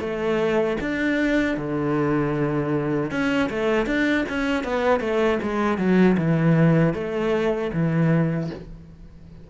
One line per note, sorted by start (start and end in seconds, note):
0.00 0.77 A3
0.81 1.57 D4
1.57 3.11 D3
3.11 3.50 C#4
3.50 3.86 A3
3.86 4.24 D4
4.29 4.64 C#4
4.64 5.00 B3
5.00 5.39 A3
5.43 5.78 G#3
5.78 6.16 F#3
6.17 6.94 E3
6.94 7.71 A3
7.73 8.50 E3